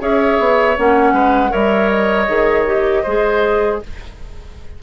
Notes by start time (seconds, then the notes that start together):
0.00 C#4 G#4 C#5 E5
0.39 B3
0.77 A#3 C#4 F#5
1.13 G#3 B4
1.50 G3 A#4 C#5 E5
1.89 D#5
2.28 D#3 G#4
2.66 G4
3.03 G#3 G#4 C5